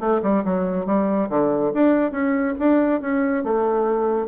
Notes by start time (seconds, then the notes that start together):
0.00 A3
0.23 G3
0.45 F#3
0.86 G3
1.30 D3
1.74 D4
2.12 C#4
2.59 D4
3.02 C#4
3.44 A3